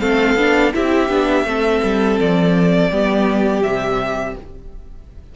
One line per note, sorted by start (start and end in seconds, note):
0.00 0.36 A3
0.00 0.37 C4
0.00 0.73 A4
0.00 0.72 F5
0.36 0.72 B3
0.36 0.73 D4
0.73 1.09 C4
0.73 1.09 E4
0.73 1.47 G4
0.73 2.19 E5
1.09 1.45 B3
1.09 1.45 D4
1.45 1.81 A3
1.45 2.92 C4
1.45 2.91 A4
1.84 2.20 G3
2.20 2.90 F3
2.20 3.63 D5
2.90 3.62 G3
2.90 3.63 B3
2.90 4.36 G4
3.62 4.35 C3
3.62 4.36 G3
3.62 4.35 E5